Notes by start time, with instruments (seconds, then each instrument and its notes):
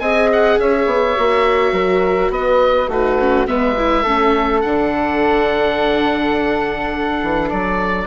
0.00 bassoon C4, viola G#4, flute D#5, oboe G#5
0.32 oboe F#5
0.59 bassoon C#4, flute C#5, oboe E5
0.86 bassoon B3
1.16 bassoon A#3, viola F#4
1.72 bassoon F#3, flute A#4
2.30 bassoon B3, flute B4, oboe D#5
2.88 bassoon A3, viola D#4, flute F#4, oboe B4
3.19 viola C#4
3.47 bassoon G#3, viola B3, flute B4, oboe E5
3.78 viola E4
4.03 bassoon A3, viola C#4, flute A4
4.61 bassoon D3, viola D4, oboe F#5
7.22 bassoon E3
7.50 bassoon F#3, oboe D5